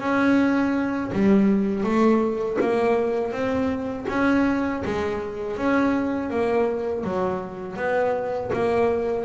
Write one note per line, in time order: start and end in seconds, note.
0.00 1.11 C#4
1.12 1.84 G3
1.84 2.58 A3
2.60 3.32 A#3
3.32 4.06 C4
4.09 4.83 C#4
4.85 5.56 G#3
5.56 6.30 C#4
6.30 7.04 A#3
7.04 7.76 F#3
7.76 8.51 B3
8.53 9.25 A#3